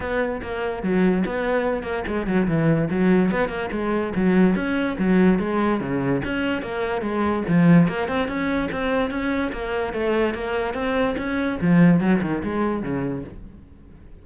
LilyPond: \new Staff \with { instrumentName = "cello" } { \time 4/4 \tempo 4 = 145 b4 ais4 fis4 b4~ | b8 ais8 gis8 fis8 e4 fis4 | b8 ais8 gis4 fis4 cis'4 | fis4 gis4 cis4 cis'4 |
ais4 gis4 f4 ais8 c'8 | cis'4 c'4 cis'4 ais4 | a4 ais4 c'4 cis'4 | f4 fis8 dis8 gis4 cis4 | }